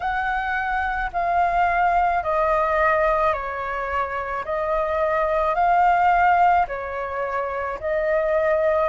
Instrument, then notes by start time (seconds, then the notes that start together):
flute
0.00 F#5
1.13 F5
2.23 D#5
3.33 C#5
4.44 D#5
5.55 F5
6.67 C#5
7.80 D#5